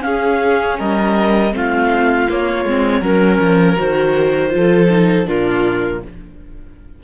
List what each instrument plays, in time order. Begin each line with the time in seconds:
0.00 viola C#4, cello C#4, violin G#4, clarinet F5
0.79 cello G3, violin A#4, clarinet D#5
1.53 cello A3, viola C4, violin F4, clarinet F5
2.30 viola A#3, cello A#3, clarinet C#5
2.65 cello G#3, viola C4
3.00 cello F#3, viola C#4, violin A#4, clarinet A#4
3.40 cello F3
3.76 cello D#3, viola F#4, clarinet C5
4.50 cello F3, viola F4
4.57 violin A4
4.89 viola D#4
5.25 cello A#2, viola D4, violin F4, clarinet A#4